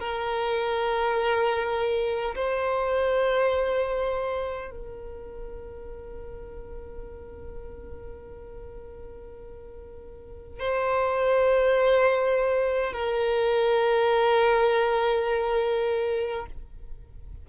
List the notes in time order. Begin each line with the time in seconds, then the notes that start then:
0.00 A#4
2.36 C5
4.71 A#4
10.60 C5
12.94 A#4